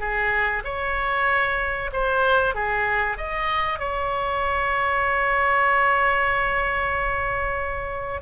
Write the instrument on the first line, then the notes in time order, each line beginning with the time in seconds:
oboe
0.00 G#4
0.64 C#5
1.93 C5
2.55 G#4
3.18 D#5
3.79 C#5